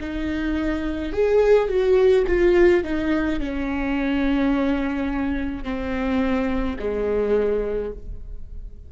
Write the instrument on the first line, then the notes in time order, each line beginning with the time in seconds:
viola
0.00 D#4
1.13 G#4
1.69 F#4
2.27 F4
2.84 D#4
3.40 C#4
5.63 C4
6.79 G#3